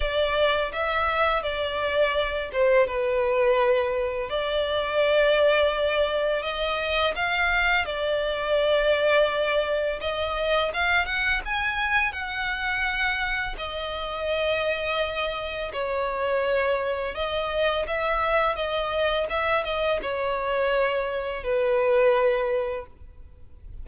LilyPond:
\new Staff \with { instrumentName = "violin" } { \time 4/4 \tempo 4 = 84 d''4 e''4 d''4. c''8 | b'2 d''2~ | d''4 dis''4 f''4 d''4~ | d''2 dis''4 f''8 fis''8 |
gis''4 fis''2 dis''4~ | dis''2 cis''2 | dis''4 e''4 dis''4 e''8 dis''8 | cis''2 b'2 | }